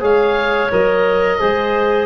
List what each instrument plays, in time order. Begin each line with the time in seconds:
0.00 tuba G#3, trombone G#4, clarinet C#5, oboe F5
0.71 tuba F#3, trombone A#4, oboe D#5
1.38 tuba G#3, trombone G#4, clarinet C5